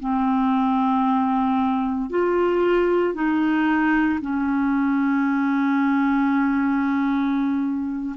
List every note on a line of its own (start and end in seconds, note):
0.00 2.10 C4
2.10 3.14 F4
3.14 4.20 D#4
4.21 8.16 C#4